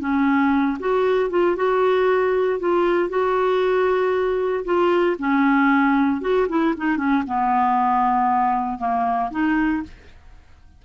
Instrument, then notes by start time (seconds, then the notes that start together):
clarinet
0.00 C#4
0.79 F#4
1.30 F4
1.56 F#4
2.60 F4
3.09 F#4
4.65 F4
5.19 C#4
6.21 F#4
6.49 E4
6.77 D#4
6.97 C#4
7.27 B3
8.78 A#3
9.31 D#4